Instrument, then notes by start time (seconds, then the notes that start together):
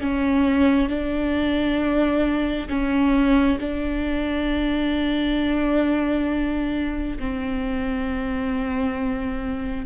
viola
0.00 C#4
0.89 D4
2.69 C#4
3.59 D4
7.18 C4